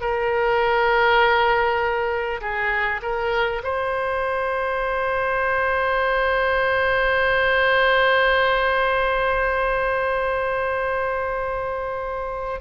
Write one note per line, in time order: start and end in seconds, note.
0.00 2.40 A#4
2.41 3.01 G#4
3.02 3.62 A#4
3.63 12.61 C5